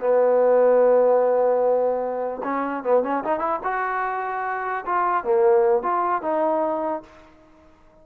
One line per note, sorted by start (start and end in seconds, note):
0.00 2.42 B3
2.43 2.84 C#4
2.84 3.03 B3
3.03 3.24 C#4
3.25 3.39 D#4
3.39 3.59 E4
3.64 4.85 F#4
4.86 5.24 F4
5.24 5.83 A#3
5.83 6.22 F4
6.22 7.03 D#4